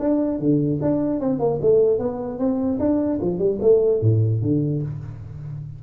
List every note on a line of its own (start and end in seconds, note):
0.00 0.40 D4
0.40 0.80 D3
0.82 1.21 D4
1.21 1.40 C4
1.40 1.60 A#3
1.62 1.99 A3
1.99 2.39 B3
2.39 2.79 C4
2.80 3.20 D4
3.22 3.39 F3
3.39 3.59 G3
3.62 4.02 A3
4.02 4.42 A2
4.42 4.82 D3